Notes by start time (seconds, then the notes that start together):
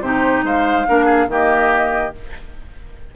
0.00 C3 D#4 G4 C5
0.43 G#3 C5 F5
0.86 A#3 D4 A#4
1.04 G#4
1.27 D#3 A#3 G4 D#5